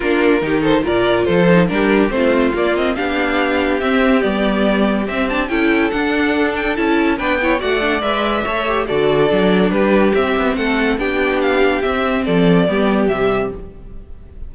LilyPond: <<
  \new Staff \with { instrumentName = "violin" } { \time 4/4 \tempo 4 = 142 ais'4. c''8 d''4 c''4 | ais'4 c''4 d''8 dis''8 f''4~ | f''4 e''4 d''2 | e''8 a''8 g''4 fis''4. g''8 |
a''4 g''4 fis''4 e''4~ | e''4 d''2 b'4 | e''4 fis''4 g''4 f''4 | e''4 d''2 e''4 | }
  \new Staff \with { instrumentName = "violin" } { \time 4/4 f'4 g'8 a'8 ais'4 a'4 | g'4 f'2 g'4~ | g'1~ | g'4 a'2.~ |
a'4 b'8 cis''8 d''2 | cis''4 a'2 g'4~ | g'4 a'4 g'2~ | g'4 a'4 g'2 | }
  \new Staff \with { instrumentName = "viola" } { \time 4/4 d'4 dis'4 f'4. dis'8 | d'4 c'4 ais8 c'8 d'4~ | d'4 c'4 b2 | c'8 d'8 e'4 d'2 |
e'4 d'8 e'8 fis'8 d'8 b'4 | a'8 g'8 fis'4 d'2 | c'2 d'2 | c'2 b4 g4 | }
  \new Staff \with { instrumentName = "cello" } { \time 4/4 ais4 dis4 ais,4 f4 | g4 a4 ais4 b4~ | b4 c'4 g2 | c'4 cis'4 d'2 |
cis'4 b4 a4 gis4 | a4 d4 fis4 g4 | c'8 b8 a4 b2 | c'4 f4 g4 c4 | }
>>